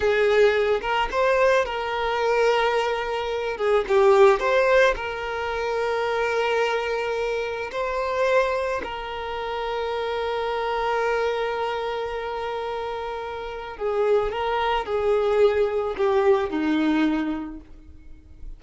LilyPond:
\new Staff \with { instrumentName = "violin" } { \time 4/4 \tempo 4 = 109 gis'4. ais'8 c''4 ais'4~ | ais'2~ ais'8 gis'8 g'4 | c''4 ais'2.~ | ais'2 c''2 |
ais'1~ | ais'1~ | ais'4 gis'4 ais'4 gis'4~ | gis'4 g'4 dis'2 | }